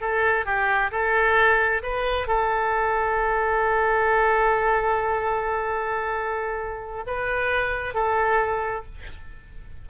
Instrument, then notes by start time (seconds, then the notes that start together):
oboe
0.00 A4
0.45 G4
0.91 A4
1.82 B4
2.27 A4
7.06 B4
7.94 A4